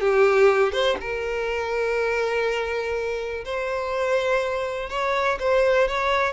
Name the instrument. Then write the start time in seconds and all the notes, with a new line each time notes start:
violin
0.00 G4
0.72 C5
1.00 A#4
3.44 C5
4.89 C#5
5.39 C5
5.88 C#5